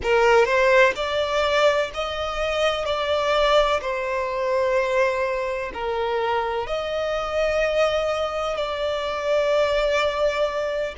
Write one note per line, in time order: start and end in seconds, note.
0.03 0.45 A#4
0.45 0.93 C5
0.95 1.90 D5
1.94 2.85 D#5
2.85 3.80 D5
3.81 5.71 C5
5.73 6.66 A#4
6.66 8.56 D#5
8.56 10.94 D5